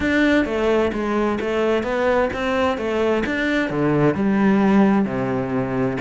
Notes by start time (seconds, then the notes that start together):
0.00 D4
0.45 A3
0.92 G#3
1.40 A3
1.83 B3
2.33 C4
2.77 A3
3.26 D4
3.70 D3
4.14 G3
5.05 C3